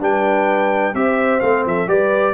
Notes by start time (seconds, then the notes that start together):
0.00 G3 D4 B4 G5
0.94 C4 G4 C5 E5
1.40 A3 C4 F5
1.65 F3 A4 E5
1.87 G3 G4 B4 D5